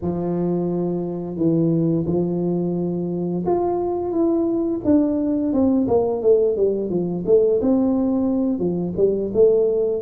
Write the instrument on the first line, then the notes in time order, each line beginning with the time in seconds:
tuba
0.01 F3
1.36 E3
2.06 F3
3.45 F4
4.11 E4
4.84 D4
5.52 C4
5.87 A#3
6.22 A3
6.56 G3
6.89 F3
7.25 A3
7.61 C4
8.59 F3
8.96 G3
9.33 A3